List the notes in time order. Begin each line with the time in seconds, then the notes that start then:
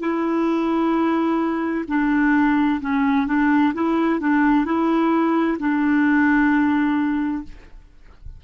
0.00 E4
1.88 D4
2.81 C#4
3.27 D4
3.74 E4
4.20 D4
4.65 E4
5.59 D4